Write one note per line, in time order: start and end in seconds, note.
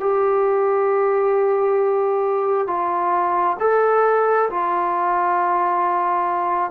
0.00 2.67 G4
2.67 3.57 F4
3.59 4.49 A4
4.50 6.70 F4